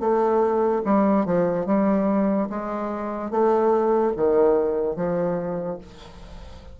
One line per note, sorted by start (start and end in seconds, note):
0.00 0.82 A3
0.85 1.26 G3
1.26 1.66 F3
1.66 2.48 G3
2.50 3.31 G#3
3.31 4.13 A3
4.17 4.96 D#3
4.96 5.78 F3